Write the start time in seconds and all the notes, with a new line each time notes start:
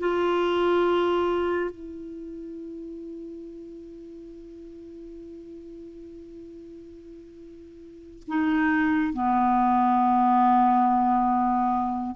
0.00 F4
1.71 E4
8.28 D#4
9.13 B3